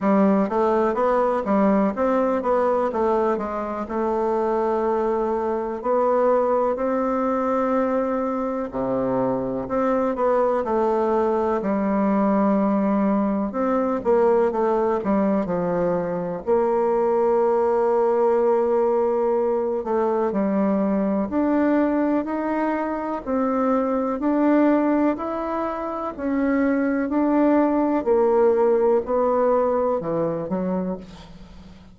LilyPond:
\new Staff \with { instrumentName = "bassoon" } { \time 4/4 \tempo 4 = 62 g8 a8 b8 g8 c'8 b8 a8 gis8 | a2 b4 c'4~ | c'4 c4 c'8 b8 a4 | g2 c'8 ais8 a8 g8 |
f4 ais2.~ | ais8 a8 g4 d'4 dis'4 | c'4 d'4 e'4 cis'4 | d'4 ais4 b4 e8 fis8 | }